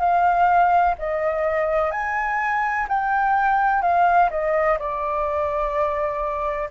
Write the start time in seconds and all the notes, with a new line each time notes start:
0.00 F5
0.99 D#5
1.92 G#5
2.89 G5
3.82 F5
4.31 D#5
4.79 D5